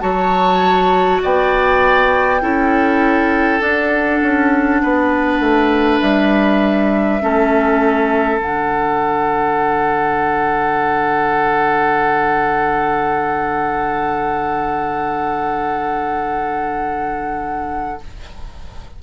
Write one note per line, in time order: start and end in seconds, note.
0.00 1.22 F#3
0.00 2.40 F#4
0.00 1.22 C#5
0.00 1.20 A5
1.22 2.42 B3
1.22 2.42 D5
1.22 3.62 G5
2.41 3.60 C#4
2.41 3.60 E4
2.41 4.82 A4
3.60 7.20 D4
3.60 4.20 D4
3.60 6.00 F#5
4.22 4.82 C#4
4.82 5.40 B3
4.82 7.22 B4
5.40 6.00 A3
6.00 7.21 G3
6.00 8.40 E5
7.21 8.39 A3
7.21 8.40 C#4
7.21 18.03 A4
8.39 17.99 D3
8.39 18.00 D4
8.39 18.01 F#5